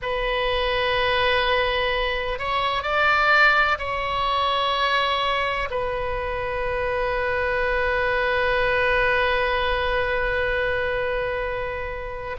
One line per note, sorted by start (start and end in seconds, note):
0.02 2.38 B4
2.38 2.83 C#5
2.83 3.78 D5
3.78 5.68 C#5
5.70 12.36 B4